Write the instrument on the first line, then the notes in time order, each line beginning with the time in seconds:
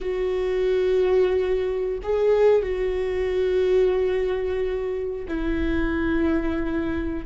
viola
0.01 F#4
2.02 G#4
2.62 F#4
5.27 E4